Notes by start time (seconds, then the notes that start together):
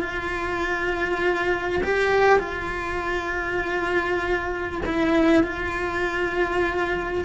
0.00 F4
1.83 G4
2.39 F4
4.85 E4
5.43 F4